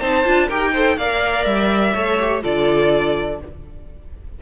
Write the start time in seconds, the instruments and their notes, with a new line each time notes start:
0.00 cello C4, viola D#4, violin C5 A5
0.25 cello D4, viola F4
0.47 cello D#4, viola G4, violin A#4 G5
0.73 viola A4, violin C5
0.97 cello A#3, viola A#4, violin D5 F5
1.45 cello G3, violin E5
1.95 cello A3, viola A4, violin C#5
2.20 viola G4
2.43 cello D3, viola F4, violin A4 D5